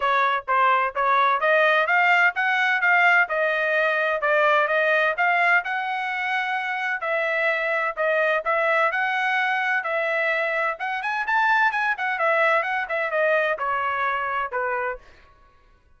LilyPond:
\new Staff \with { instrumentName = "trumpet" } { \time 4/4 \tempo 4 = 128 cis''4 c''4 cis''4 dis''4 | f''4 fis''4 f''4 dis''4~ | dis''4 d''4 dis''4 f''4 | fis''2. e''4~ |
e''4 dis''4 e''4 fis''4~ | fis''4 e''2 fis''8 gis''8 | a''4 gis''8 fis''8 e''4 fis''8 e''8 | dis''4 cis''2 b'4 | }